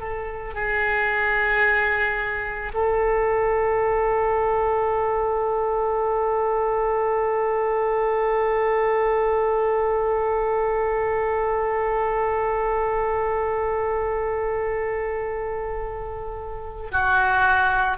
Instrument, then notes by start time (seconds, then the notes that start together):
oboe
0.00 A4
0.54 G#4
2.74 A4
16.92 F#4